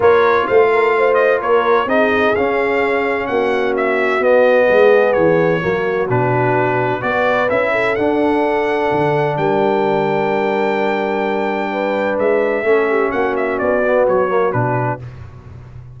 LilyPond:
<<
  \new Staff \with { instrumentName = "trumpet" } { \time 4/4 \tempo 4 = 128 cis''4 f''4. dis''8 cis''4 | dis''4 f''2 fis''4 | e''4 dis''2 cis''4~ | cis''4 b'2 d''4 |
e''4 fis''2. | g''1~ | g''2 e''2 | fis''8 e''8 d''4 cis''4 b'4 | }
  \new Staff \with { instrumentName = "horn" } { \time 4/4 ais'4 c''8 ais'8 c''4 ais'4 | gis'2. fis'4~ | fis'2 gis'2 | fis'2. b'4~ |
b'8 a'2.~ a'8 | ais'1~ | ais'4 b'2 a'8 g'8 | fis'1 | }
  \new Staff \with { instrumentName = "trombone" } { \time 4/4 f'1 | dis'4 cis'2.~ | cis'4 b2. | ais4 d'2 fis'4 |
e'4 d'2.~ | d'1~ | d'2. cis'4~ | cis'4. b4 ais8 d'4 | }
  \new Staff \with { instrumentName = "tuba" } { \time 4/4 ais4 a2 ais4 | c'4 cis'2 ais4~ | ais4 b4 gis4 e4 | fis4 b,2 b4 |
cis'4 d'2 d4 | g1~ | g2 gis4 a4 | ais4 b4 fis4 b,4 | }
>>